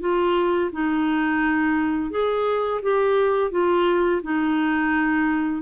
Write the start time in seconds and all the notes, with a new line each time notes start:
0.00 F4
0.72 D#4
2.10 G#4
2.82 G4
3.51 F4
4.23 D#4